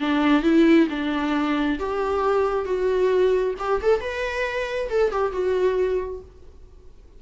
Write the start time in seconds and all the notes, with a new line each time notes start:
0.00 D4
0.43 E4
0.90 D4
1.79 G4
2.65 F#4
3.59 G4
3.82 A4
4.00 B4
4.89 A4
5.12 G4
5.32 F#4